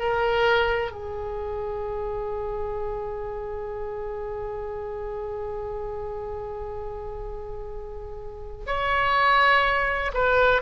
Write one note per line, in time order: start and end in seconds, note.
0.00 0.92 A#4
0.92 8.66 G#4
8.67 10.12 C#5
10.14 10.62 B4